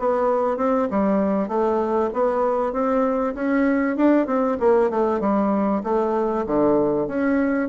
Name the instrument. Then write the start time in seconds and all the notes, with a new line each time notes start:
bassoon
0.00 B3
0.58 C4
0.91 G3
1.49 A3
2.14 B3
2.73 C4
3.35 C#4
3.97 D4
4.27 C4
4.60 A#3
4.91 A3
5.21 G3
5.84 A3
6.47 D3
7.08 C#4